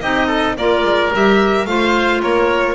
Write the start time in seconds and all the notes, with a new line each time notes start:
0.00 C4 D#4 G4 D#5
0.26 A4
0.56 A#3 F4 A#4 D5
0.83 G#3
1.12 G3 G4 E5
1.65 A3 F4 C5 F5
2.22 A#3 A#4 C#5